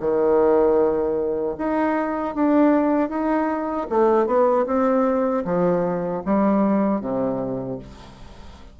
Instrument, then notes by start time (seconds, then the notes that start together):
bassoon
0.00 D#3
1.58 D#4
2.35 D4
3.10 D#4
3.90 A3
4.27 B3
4.66 C4
5.45 F3
6.26 G3
7.01 C3